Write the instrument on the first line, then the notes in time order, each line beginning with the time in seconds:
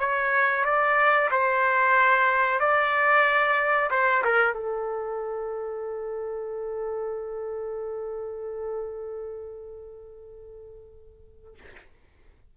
trumpet
0.00 C#5
0.65 D5
1.31 C5
2.60 D5
3.91 C5
4.25 A#4
4.54 A4